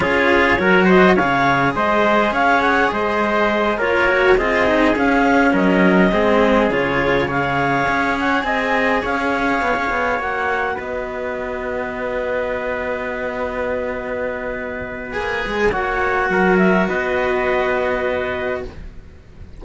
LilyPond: <<
  \new Staff \with { instrumentName = "clarinet" } { \time 4/4 \tempo 4 = 103 cis''4. dis''8 f''4 dis''4 | f''8 fis''8 dis''4. cis''4 dis''8~ | dis''8 f''4 dis''2 cis''8~ | cis''8 f''4. fis''8 gis''4 f''8~ |
f''4. fis''4 dis''4.~ | dis''1~ | dis''2 gis''4 fis''4~ | fis''8 e''8 dis''2. | }
  \new Staff \with { instrumentName = "trumpet" } { \time 4/4 gis'4 ais'8 c''8 cis''4 c''4 | cis''4 c''4. ais'4 gis'8~ | gis'4. ais'4 gis'4.~ | gis'8 cis''2 dis''4 cis''8~ |
cis''2~ cis''8 b'4.~ | b'1~ | b'2. cis''4 | ais'4 b'2. | }
  \new Staff \with { instrumentName = "cello" } { \time 4/4 f'4 fis'4 gis'2~ | gis'2~ gis'8 f'8 fis'8 f'8 | dis'8 cis'2 c'4 f'8~ | f'8 gis'2.~ gis'8~ |
gis'4. fis'2~ fis'8~ | fis'1~ | fis'2 gis'4 fis'4~ | fis'1 | }
  \new Staff \with { instrumentName = "cello" } { \time 4/4 cis'4 fis4 cis4 gis4 | cis'4 gis4. ais4 c'8~ | c'8 cis'4 fis4 gis4 cis8~ | cis4. cis'4 c'4 cis'8~ |
cis'8 b16 cis'16 b8 ais4 b4.~ | b1~ | b2 ais8 gis8 ais4 | fis4 b2. | }
>>